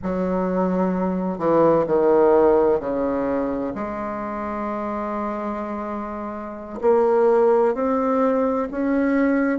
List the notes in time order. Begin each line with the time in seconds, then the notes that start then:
0.03 F#3
1.38 E3
1.87 D#3
2.80 C#3
3.75 G#3
6.81 A#3
7.74 C4
8.71 C#4